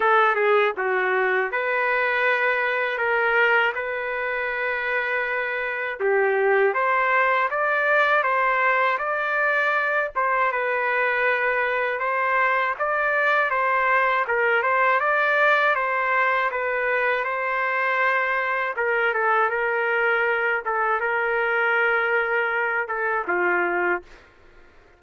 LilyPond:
\new Staff \with { instrumentName = "trumpet" } { \time 4/4 \tempo 4 = 80 a'8 gis'8 fis'4 b'2 | ais'4 b'2. | g'4 c''4 d''4 c''4 | d''4. c''8 b'2 |
c''4 d''4 c''4 ais'8 c''8 | d''4 c''4 b'4 c''4~ | c''4 ais'8 a'8 ais'4. a'8 | ais'2~ ais'8 a'8 f'4 | }